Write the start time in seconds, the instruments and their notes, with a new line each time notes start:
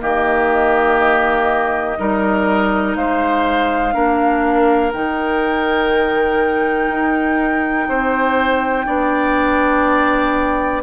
0.00 bassoon D#3, clarinet A#3, oboe G4, flute D#5
1.99 bassoon G3, clarinet D#4, oboe A#4
2.96 bassoon G#3, oboe C5, flute F5
3.93 bassoon A#3, clarinet D4, oboe A#4
4.93 bassoon D#3, clarinet D#4, flute G5
6.90 bassoon D#4
7.88 bassoon C4, oboe C5
8.86 bassoon B3, clarinet D4, oboe D5